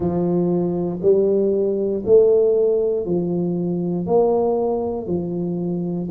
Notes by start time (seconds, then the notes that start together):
0.00 F3
1.02 G3
2.05 A3
3.05 F3
4.06 A#3
5.07 F3